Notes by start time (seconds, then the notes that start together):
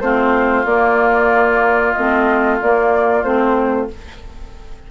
0.00 A3 C4 F4 C5
0.65 A#3 D5
1.92 A3 C4 D#5
2.61 A#3 D5
3.23 A3 C4 C5